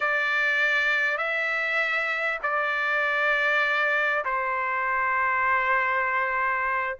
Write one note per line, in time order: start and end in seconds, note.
0.00 1.17 D5
1.17 2.38 E5
2.42 4.24 D5
4.24 6.97 C5